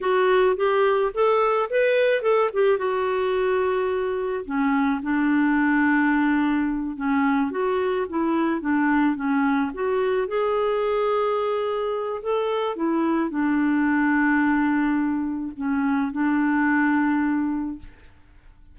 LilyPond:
\new Staff \with { instrumentName = "clarinet" } { \time 4/4 \tempo 4 = 108 fis'4 g'4 a'4 b'4 | a'8 g'8 fis'2. | cis'4 d'2.~ | d'8 cis'4 fis'4 e'4 d'8~ |
d'8 cis'4 fis'4 gis'4.~ | gis'2 a'4 e'4 | d'1 | cis'4 d'2. | }